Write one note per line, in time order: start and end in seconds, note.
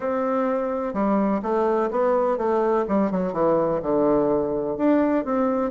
0.00 0.93 C4
0.93 1.41 G3
1.42 1.90 A3
1.90 2.37 B3
2.37 2.85 A3
2.88 3.11 G3
3.11 3.32 F#3
3.32 3.80 E3
3.82 4.77 D3
4.77 5.24 D4
5.24 5.71 C4